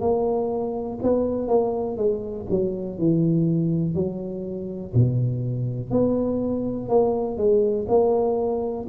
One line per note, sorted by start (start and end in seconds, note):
0.00 0.98 A#3
1.02 1.48 B3
1.48 1.97 A#3
1.97 2.46 G#3
2.49 2.98 F#3
2.98 3.94 E3
3.94 4.93 F#3
4.94 5.91 B2
5.91 6.89 B3
6.89 7.37 A#3
7.37 7.86 G#3
7.88 8.87 A#3